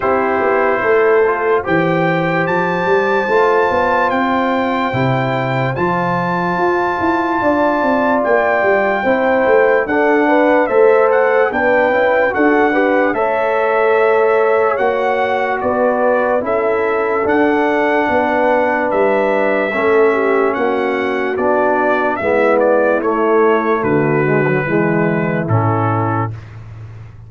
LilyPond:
<<
  \new Staff \with { instrumentName = "trumpet" } { \time 4/4 \tempo 4 = 73 c''2 g''4 a''4~ | a''4 g''2 a''4~ | a''2 g''2 | fis''4 e''8 fis''8 g''4 fis''4 |
e''2 fis''4 d''4 | e''4 fis''2 e''4~ | e''4 fis''4 d''4 e''8 d''8 | cis''4 b'2 a'4 | }
  \new Staff \with { instrumentName = "horn" } { \time 4/4 g'4 a'4 c''2~ | c''1~ | c''4 d''2 c''4 | a'8 b'8 c''4 b'4 a'8 b'8 |
cis''2. b'4 | a'2 b'2 | a'8 g'8 fis'2 e'4~ | e'4 fis'4 e'2 | }
  \new Staff \with { instrumentName = "trombone" } { \time 4/4 e'4. f'8 g'2 | f'2 e'4 f'4~ | f'2. e'4 | d'4 a'4 d'8 e'8 fis'8 g'8 |
a'2 fis'2 | e'4 d'2. | cis'2 d'4 b4 | a4. gis16 fis16 gis4 cis'4 | }
  \new Staff \with { instrumentName = "tuba" } { \time 4/4 c'8 b8 a4 e4 f8 g8 | a8 b8 c'4 c4 f4 | f'8 e'8 d'8 c'8 ais8 g8 c'8 a8 | d'4 a4 b8 cis'8 d'4 |
a2 ais4 b4 | cis'4 d'4 b4 g4 | a4 ais4 b4 gis4 | a4 d4 e4 a,4 | }
>>